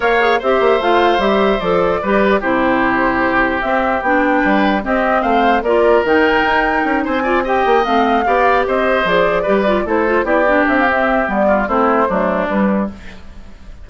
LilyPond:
<<
  \new Staff \with { instrumentName = "flute" } { \time 4/4 \tempo 4 = 149 f''4 e''4 f''4 e''4 | d''2 c''2~ | c''4 e''4 g''2 | dis''4 f''4 d''4 g''4~ |
g''4. gis''4 g''4 f''8~ | f''4. dis''4 d''4.~ | d''8 c''4 d''4 e''16 f''16 e''4 | d''4 c''2 b'4 | }
  \new Staff \with { instrumentName = "oboe" } { \time 4/4 cis''4 c''2.~ | c''4 b'4 g'2~ | g'2. b'4 | g'4 c''4 ais'2~ |
ais'4. c''8 d''8 dis''4.~ | dis''8 d''4 c''2 b'8~ | b'8 a'4 g'2~ g'8~ | g'8 f'8 e'4 d'2 | }
  \new Staff \with { instrumentName = "clarinet" } { \time 4/4 ais'8 gis'8 g'4 f'4 g'4 | a'4 g'4 e'2~ | e'4 c'4 d'2 | c'2 f'4 dis'4~ |
dis'2 f'8 g'4 c'8~ | c'8 g'2 gis'4 g'8 | f'8 e'8 f'8 e'8 d'4 c'4 | b4 c'4 a4 g4 | }
  \new Staff \with { instrumentName = "bassoon" } { \time 4/4 ais4 c'8 ais8 a4 g4 | f4 g4 c2~ | c4 c'4 b4 g4 | c'4 a4 ais4 dis4 |
dis'4 cis'8 c'4. ais8 a8~ | a8 b4 c'4 f4 g8~ | g8 a4 b4 c'4. | g4 a4 fis4 g4 | }
>>